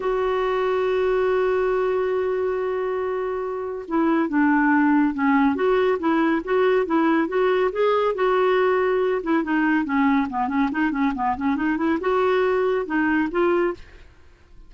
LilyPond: \new Staff \with { instrumentName = "clarinet" } { \time 4/4 \tempo 4 = 140 fis'1~ | fis'1~ | fis'4 e'4 d'2 | cis'4 fis'4 e'4 fis'4 |
e'4 fis'4 gis'4 fis'4~ | fis'4. e'8 dis'4 cis'4 | b8 cis'8 dis'8 cis'8 b8 cis'8 dis'8 e'8 | fis'2 dis'4 f'4 | }